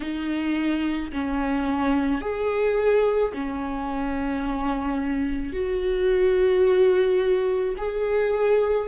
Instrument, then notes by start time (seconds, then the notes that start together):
viola
0.00 D#4
1.12 C#4
2.21 G#4
3.33 C#4
5.53 F#4
7.77 G#4